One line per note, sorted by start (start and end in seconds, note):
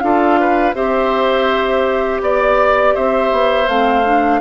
0.00 0.74 D4
0.00 0.75 F4
0.00 0.40 A4
0.00 0.73 F5
0.40 0.75 B4
0.74 2.20 C4
0.74 3.67 G4
0.74 2.22 C5
0.74 2.21 E5
2.21 2.94 B3
2.21 2.96 D5
2.21 2.94 D5
2.94 3.32 C4
2.94 4.41 C5
2.94 3.68 E5
3.32 3.68 B3
3.67 4.41 A3
3.67 4.04 C4
3.67 4.41 F5
4.04 4.41 D4